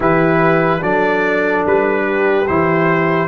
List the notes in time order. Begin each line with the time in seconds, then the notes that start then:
0.00 E3 E4 G4 B4
0.80 F#3 D4 A4 D5
1.65 G3 B4
2.05 G4
2.47 E3 E4 C5